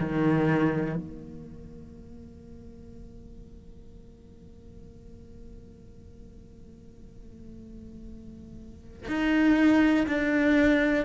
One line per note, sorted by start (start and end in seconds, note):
0.00 0.97 D#3
0.97 9.08 A#3
9.09 10.07 D#4
10.07 11.06 D4